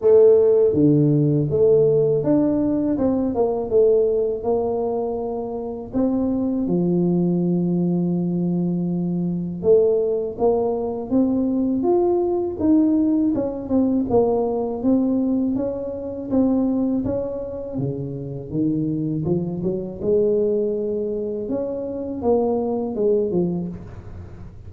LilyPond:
\new Staff \with { instrumentName = "tuba" } { \time 4/4 \tempo 4 = 81 a4 d4 a4 d'4 | c'8 ais8 a4 ais2 | c'4 f2.~ | f4 a4 ais4 c'4 |
f'4 dis'4 cis'8 c'8 ais4 | c'4 cis'4 c'4 cis'4 | cis4 dis4 f8 fis8 gis4~ | gis4 cis'4 ais4 gis8 f8 | }